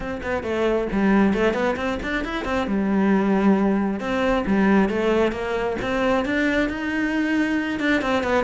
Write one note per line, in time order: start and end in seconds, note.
0.00 0.21 C4
0.22 0.43 B3
0.43 0.87 A3
0.92 1.33 G3
1.33 1.53 A3
1.53 1.75 B3
1.76 1.98 C4
2.02 2.24 D4
2.24 2.44 E4
2.44 2.67 C4
2.67 4.00 G3
4.00 4.44 C4
4.46 4.89 G3
4.89 5.32 A3
5.32 5.76 A#3
5.81 6.25 C4
6.25 6.69 D4
6.69 7.79 D#4
7.79 8.01 D4
8.01 8.23 C4
8.23 8.44 B3